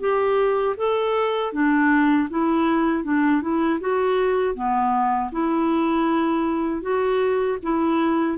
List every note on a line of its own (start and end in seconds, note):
0.00 0.76 G4
0.77 1.53 A4
1.53 2.29 D4
2.30 3.04 E4
3.04 3.42 D4
3.42 3.80 E4
3.81 4.55 F#4
4.55 5.31 B3
5.32 6.82 E4
6.82 7.58 F#4
7.63 8.38 E4